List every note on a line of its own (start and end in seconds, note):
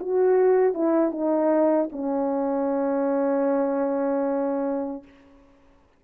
0.00 0.74 F#4
0.74 1.12 E4
1.12 1.89 D#4
1.92 5.04 C#4